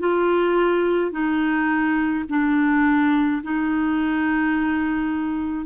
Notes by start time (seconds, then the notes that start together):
0.00 F4
1.12 D#4
2.30 D4
3.43 D#4